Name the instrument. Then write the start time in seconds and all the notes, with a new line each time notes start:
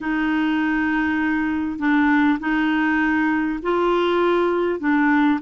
clarinet
0.00 D#4
1.78 D4
2.39 D#4
3.62 F4
4.79 D4